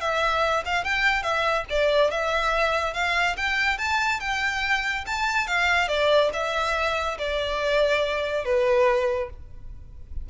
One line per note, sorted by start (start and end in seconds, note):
0.00 0.63 E5
0.65 0.84 F5
0.84 1.22 G5
1.22 1.65 E5
1.69 2.10 D5
2.10 2.93 E5
2.93 3.36 F5
3.37 3.78 G5
3.78 4.20 A5
4.20 5.04 G5
5.06 5.47 A5
5.47 5.88 F5
5.88 6.30 D5
6.33 7.18 E5
7.18 8.45 D5
8.45 9.29 B4